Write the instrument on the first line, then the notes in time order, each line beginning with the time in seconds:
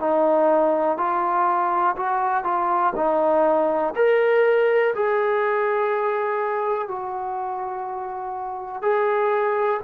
trombone
0.00 D#4
0.97 F4
1.97 F#4
2.44 F4
2.96 D#4
3.96 A#4
4.95 G#4
6.89 F#4
8.82 G#4